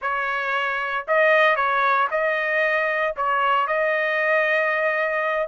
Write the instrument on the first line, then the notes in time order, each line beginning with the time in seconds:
trumpet
0.01 C#5
1.07 D#5
1.55 C#5
2.10 D#5
3.16 C#5
3.67 D#5